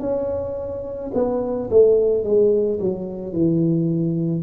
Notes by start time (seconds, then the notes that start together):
0.00 C#4
1.14 B3
1.71 A3
2.24 G#3
2.80 F#3
3.33 E3